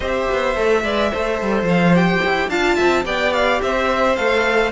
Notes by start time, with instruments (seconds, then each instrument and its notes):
0.00 cello C4, viola G4, violin C5 E5
0.31 cello B3
0.55 cello A3, viola A4
0.83 cello G#3, viola B4, violin D5
1.11 cello A3, viola A4, violin C5
1.41 cello G3
1.62 cello F3
1.68 violin F5
1.94 viola G4, violin G5
2.25 cello E4
2.48 cello D4, viola F4, violin F5 A5
2.75 cello C4, violin E5
3.04 cello B3, viola G4, violin D5 G5
3.33 violin F5
3.61 cello C4, violin C5 E5
4.16 cello A3, viola A4, violin F5